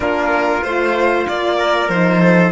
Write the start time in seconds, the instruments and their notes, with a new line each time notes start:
0.00 cello A#3, horn D4, trumpet F4, violin A#4
0.63 cello A3, horn F4, violin C5
1.28 cello A#3, violin D5
1.57 trumpet A#4
1.89 cello F3, horn D#4, violin C5
2.21 trumpet A4